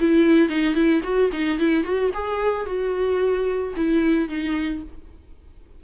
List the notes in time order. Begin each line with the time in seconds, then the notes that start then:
0.00 E4
0.49 D#4
0.75 E4
1.03 F#4
1.32 D#4
1.59 E4
1.84 F#4
2.14 G#4
2.66 F#4
3.77 E4
4.29 D#4